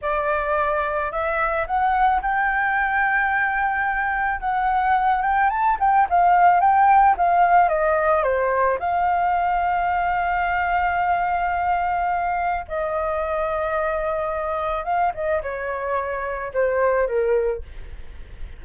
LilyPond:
\new Staff \with { instrumentName = "flute" } { \time 4/4 \tempo 4 = 109 d''2 e''4 fis''4 | g''1 | fis''4. g''8 a''8 g''8 f''4 | g''4 f''4 dis''4 c''4 |
f''1~ | f''2. dis''4~ | dis''2. f''8 dis''8 | cis''2 c''4 ais'4 | }